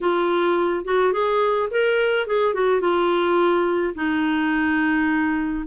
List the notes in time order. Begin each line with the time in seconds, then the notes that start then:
0.00 F4
0.84 F#4
1.12 G#4
1.71 A#4
2.26 G#4
2.54 F#4
2.80 F4
3.95 D#4